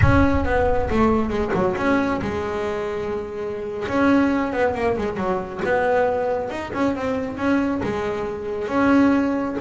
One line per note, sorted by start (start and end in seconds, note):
0.01 0.45 C#4
0.45 0.89 B3
0.90 1.29 A3
1.29 1.51 G#3
1.53 1.75 F#3
1.76 2.20 C#4
2.21 3.87 G#3
3.88 4.52 C#4
4.52 4.74 B3
4.74 4.97 A#3
4.97 5.16 G#3
5.16 5.60 F#3
5.64 6.50 B3
6.50 6.72 D#4
6.73 6.95 C#4
6.95 7.37 C4
7.37 7.81 C#4
7.83 8.68 G#3
8.68 9.56 C#4